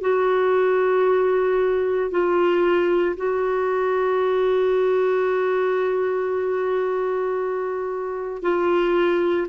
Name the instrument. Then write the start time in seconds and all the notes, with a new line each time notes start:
clarinet
0.00 F#4
2.10 F4
3.16 F#4
8.42 F4